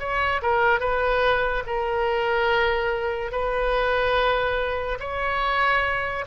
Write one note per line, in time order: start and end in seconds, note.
0.00 0.42 C#5
0.42 0.80 A#4
0.80 1.64 B4
1.67 3.32 A#4
3.32 4.99 B4
5.00 6.25 C#5